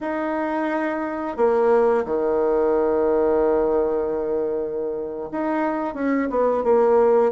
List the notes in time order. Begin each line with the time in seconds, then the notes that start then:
0.01 D#4
1.36 A#3
2.05 D#3
5.32 D#4
5.94 C#4
6.29 B3
6.63 A#3